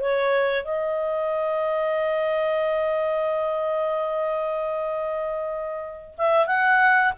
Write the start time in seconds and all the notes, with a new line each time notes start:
0.00 C#5
0.64 D#5
6.18 E5
6.46 F#5